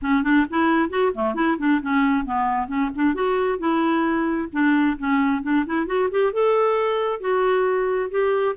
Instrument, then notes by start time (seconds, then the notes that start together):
clarinet
0.01 C#4
0.23 D4
0.50 E4
0.89 F#4
1.14 A3
1.34 E4
1.58 D4
1.82 C#4
2.25 B3
2.67 C#4
2.95 D4
3.14 F#4
3.58 E4
4.52 D4
4.98 C#4
5.42 D4
5.65 E4
5.86 F#4
6.10 G4
6.32 A4
7.20 F#4
8.10 G4